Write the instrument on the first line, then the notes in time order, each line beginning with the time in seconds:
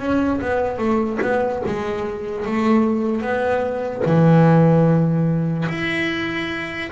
double bass
0.00 C#4
0.41 B3
0.79 A3
1.22 B3
1.67 G#3
2.46 A3
3.22 B3
4.06 E3
5.69 E4